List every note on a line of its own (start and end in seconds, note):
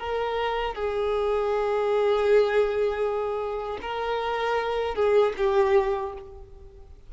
0.00 0.75 A#4
0.75 3.79 G#4
3.82 4.95 A#4
4.95 5.33 G#4
5.38 6.13 G4